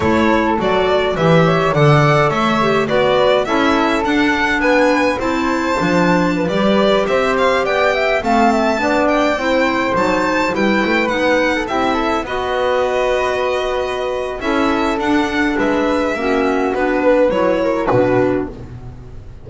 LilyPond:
<<
  \new Staff \with { instrumentName = "violin" } { \time 4/4 \tempo 4 = 104 cis''4 d''4 e''4 fis''4 | e''4 d''4 e''4 fis''4 | gis''4 a''2~ a''16 d''8.~ | d''16 e''8 f''8 g''4 a''4. g''16~ |
g''4~ g''16 a''4 g''4 fis''8.~ | fis''16 e''4 dis''2~ dis''8.~ | dis''4 e''4 fis''4 e''4~ | e''4 b'4 cis''4 b'4 | }
  \new Staff \with { instrumentName = "flute" } { \time 4/4 a'2 b'8 cis''8 d''4 | cis''4 b'4 a'2 | b'4 c''2 b'4~ | b'16 c''4 d''8 e''8 f''8 e''8 d''8.~ |
d''16 c''2 b'4.~ b'16 | a'16 g'8 a'8 b'2~ b'8.~ | b'4 a'2 b'4 | fis'4. b'4 ais'8 fis'4 | }
  \new Staff \with { instrumentName = "clarinet" } { \time 4/4 e'4 fis'4 g'4 a'4~ | a'8 g'8 fis'4 e'4 d'4~ | d'4 e'4 d'4~ d'16 g'8.~ | g'2~ g'16 c'4 d'8.~ |
d'16 e'4 dis'4 e'4 dis'8.~ | dis'16 e'4 fis'2~ fis'8.~ | fis'4 e'4 d'2 | cis'4 d'4 e'4 d'4 | }
  \new Staff \with { instrumentName = "double bass" } { \time 4/4 a4 fis4 e4 d4 | a4 b4 cis'4 d'4 | b4 c'4 f4~ f16 g8.~ | g16 c'4 b4 a4 b8.~ |
b16 c'4 fis4 g8 a8 b8.~ | b16 c'4 b2~ b8.~ | b4 cis'4 d'4 gis4 | ais4 b4 fis4 b,4 | }
>>